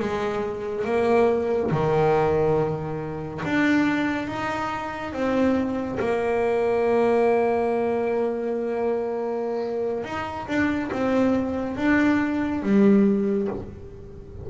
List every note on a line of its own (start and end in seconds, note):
0.00 0.85 G#3
0.85 1.71 A#3
1.71 3.42 D#3
3.45 4.28 D4
4.28 5.13 D#4
5.13 5.99 C4
6.00 10.04 A#3
10.04 10.47 D#4
10.48 10.91 D4
10.92 11.77 C4
11.77 12.63 D4
12.63 13.48 G3